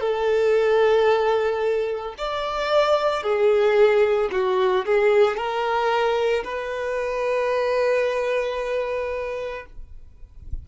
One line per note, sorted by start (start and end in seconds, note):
0.00 2.14 A4
2.18 3.23 D5
3.23 4.30 G#4
4.31 4.85 F#4
4.85 5.36 G#4
5.36 6.43 A#4
6.44 9.65 B4